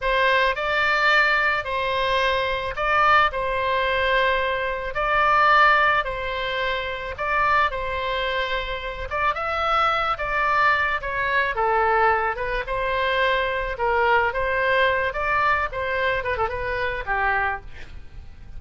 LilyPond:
\new Staff \with { instrumentName = "oboe" } { \time 4/4 \tempo 4 = 109 c''4 d''2 c''4~ | c''4 d''4 c''2~ | c''4 d''2 c''4~ | c''4 d''4 c''2~ |
c''8 d''8 e''4. d''4. | cis''4 a'4. b'8 c''4~ | c''4 ais'4 c''4. d''8~ | d''8 c''4 b'16 a'16 b'4 g'4 | }